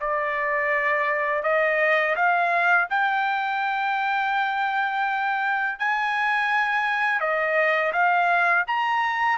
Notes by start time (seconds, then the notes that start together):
0.00 D5
1.43 D#5
2.16 F5
2.90 G5
5.79 G#5
7.20 D#5
7.93 F5
8.67 A#5